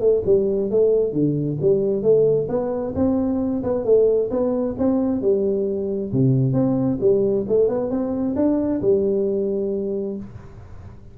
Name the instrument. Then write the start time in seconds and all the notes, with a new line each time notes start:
tuba
0.00 A3
0.26 G3
0.71 A3
1.13 D3
1.62 G3
2.03 A3
2.49 B3
2.96 C4
3.64 B3
3.85 A3
4.31 B3
4.79 C4
5.22 G3
6.13 C3
6.53 C4
7.01 G3
7.48 A3
7.69 B3
7.90 C4
8.36 D4
8.82 G3